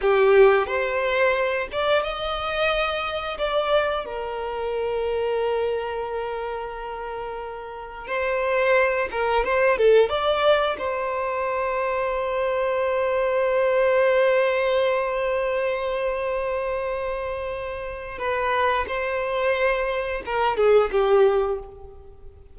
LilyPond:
\new Staff \with { instrumentName = "violin" } { \time 4/4 \tempo 4 = 89 g'4 c''4. d''8 dis''4~ | dis''4 d''4 ais'2~ | ais'1 | c''4. ais'8 c''8 a'8 d''4 |
c''1~ | c''1~ | c''2. b'4 | c''2 ais'8 gis'8 g'4 | }